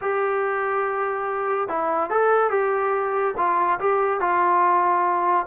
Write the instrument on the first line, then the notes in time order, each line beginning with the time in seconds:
trombone
0.01 G4
1.68 E4
2.09 A4
2.50 G4
3.37 F4
3.79 G4
4.20 F4